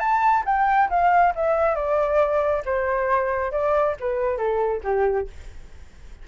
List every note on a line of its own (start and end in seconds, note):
0.00 0.44 A5
0.46 0.90 G5
0.90 1.34 F5
1.36 1.76 E5
1.76 2.63 D5
2.65 3.52 C5
3.52 3.96 D5
4.00 4.38 B4
4.38 4.81 A4
4.84 5.28 G4